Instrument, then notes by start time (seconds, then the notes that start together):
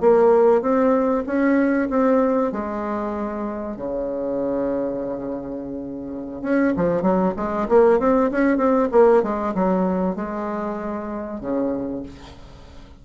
bassoon
0.00 A#3
0.62 C4
1.26 C#4
1.89 C4
2.52 G#3
3.76 C#3
6.42 C#4
6.76 F3
7.02 F#3
7.36 G#3
7.69 A#3
7.99 C4
8.31 C#4
8.57 C4
8.92 A#3
9.23 G#3
9.54 F#3
10.15 G#3
11.40 C#3